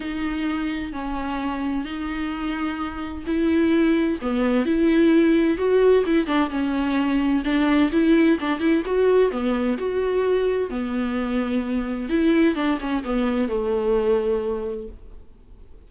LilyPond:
\new Staff \with { instrumentName = "viola" } { \time 4/4 \tempo 4 = 129 dis'2 cis'2 | dis'2. e'4~ | e'4 b4 e'2 | fis'4 e'8 d'8 cis'2 |
d'4 e'4 d'8 e'8 fis'4 | b4 fis'2 b4~ | b2 e'4 d'8 cis'8 | b4 a2. | }